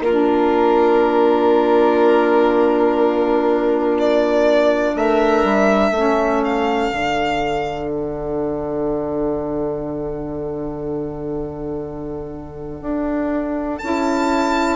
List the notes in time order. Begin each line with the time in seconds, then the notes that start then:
0.00 A#3 F4 A#4
0.08 D4
3.99 D5
4.95 A3 A#4 E5
5.44 G3
5.91 A3 C#4 A4
6.44 F5
6.92 D3 D4
7.91 F#5
12.82 D4
13.79 C#4 E4 A5